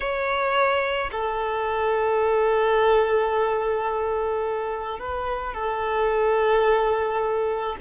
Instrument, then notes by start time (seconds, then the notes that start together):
violin
0.00 C#5
1.11 A4
4.98 B4
5.54 A4